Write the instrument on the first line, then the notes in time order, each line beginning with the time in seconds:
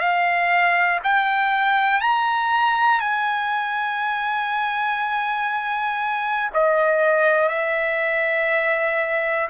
trumpet
0.00 F5
1.04 G5
2.01 A#5
3.01 G#5
6.54 D#5
7.50 E5